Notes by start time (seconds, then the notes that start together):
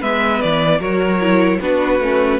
0.00 G#3 B3 B4 E5
0.41 E3 D5
0.80 F#3 F#4 A#4 C#5
1.21 E4
1.61 B3 D4 F#4 B4
2.00 A3 C#4